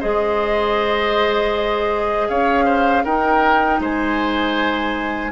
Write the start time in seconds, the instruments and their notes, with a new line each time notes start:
0.00 bassoon G#3, clarinet G#4, oboe C5, flute D#5
2.29 bassoon C#4, oboe C#5, flute F5
2.65 oboe C5
3.04 bassoon D#4, clarinet D#4, oboe A#4, flute G5
3.80 bassoon G#3, oboe C5, flute G#5